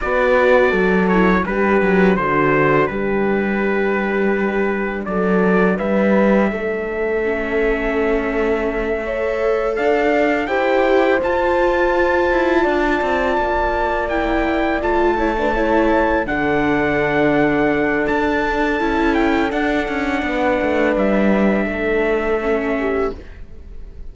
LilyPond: <<
  \new Staff \with { instrumentName = "trumpet" } { \time 4/4 \tempo 4 = 83 d''4. cis''8 b'4 c''4 | b'2. d''4 | e''1~ | e''4. f''4 g''4 a''8~ |
a''2.~ a''8 g''8~ | g''8 a''2 fis''4.~ | fis''4 a''4. g''8 fis''4~ | fis''4 e''2. | }
  \new Staff \with { instrumentName = "horn" } { \time 4/4 b'4 a'4 g'4 fis'4 | g'2. a'4 | b'4 a'2.~ | a'8 cis''4 d''4 c''4.~ |
c''4. d''2~ d''8~ | d''4 cis''16 b'16 cis''4 a'4.~ | a'1 | b'2 a'4. g'8 | }
  \new Staff \with { instrumentName = "viola" } { \time 4/4 fis'4. e'8 d'2~ | d'1~ | d'2 cis'2~ | cis'8 a'2 g'4 f'8~ |
f'2.~ f'8 e'8~ | e'8 f'8 e'16 d'16 e'4 d'4.~ | d'2 e'4 d'4~ | d'2. cis'4 | }
  \new Staff \with { instrumentName = "cello" } { \time 4/4 b4 fis4 g8 fis8 d4 | g2. fis4 | g4 a2.~ | a4. d'4 e'4 f'8~ |
f'4 e'8 d'8 c'8 ais4.~ | ais8 a2 d4.~ | d4 d'4 cis'4 d'8 cis'8 | b8 a8 g4 a2 | }
>>